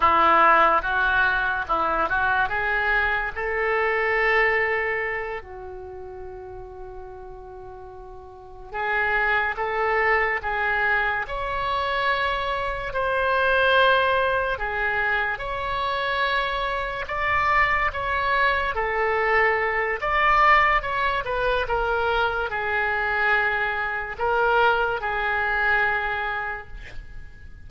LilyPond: \new Staff \with { instrumentName = "oboe" } { \time 4/4 \tempo 4 = 72 e'4 fis'4 e'8 fis'8 gis'4 | a'2~ a'8 fis'4.~ | fis'2~ fis'8 gis'4 a'8~ | a'8 gis'4 cis''2 c''8~ |
c''4. gis'4 cis''4.~ | cis''8 d''4 cis''4 a'4. | d''4 cis''8 b'8 ais'4 gis'4~ | gis'4 ais'4 gis'2 | }